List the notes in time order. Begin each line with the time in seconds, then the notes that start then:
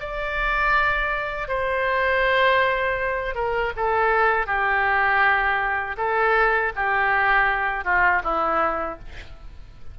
0.00 D5
1.48 C5
3.34 A#4
3.76 A4
4.46 G4
5.97 A4
6.76 G4
7.84 F4
8.24 E4